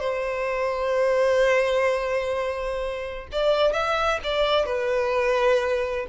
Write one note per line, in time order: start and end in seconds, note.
0.00 3.28 C5
3.32 3.73 D5
3.73 4.20 E5
4.24 4.66 D5
4.66 6.07 B4